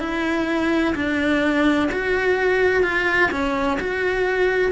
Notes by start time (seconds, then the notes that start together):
0.00 E4
0.95 D4
1.92 F#4
2.83 F4
3.31 C#4
3.80 F#4